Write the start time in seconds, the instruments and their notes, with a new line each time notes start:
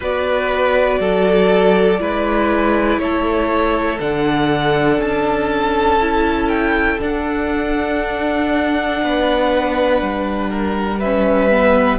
0.00 cello B3, viola F#4, violin B4 D5
0.99 cello F#3, violin A4
1.98 cello G#3, viola E4, violin B4
2.98 cello A3, violin A4 C#5
3.99 cello D3, viola D4, violin F#5
4.98 cello C#4, violin A5
6.00 viola E4
6.49 violin G5
6.99 viola D4, cello D4, violin F#5
9.02 cello B3, violin B4
10.01 cello G3
10.50 violin A#4
10.99 viola C#4, violin B4 E5
11.50 viola B3